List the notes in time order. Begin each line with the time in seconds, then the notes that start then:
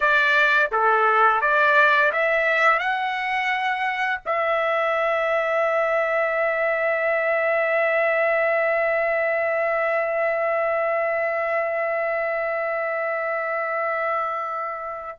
0.00 D5
0.71 A4
1.41 D5
2.12 E5
2.79 F#5
4.25 E5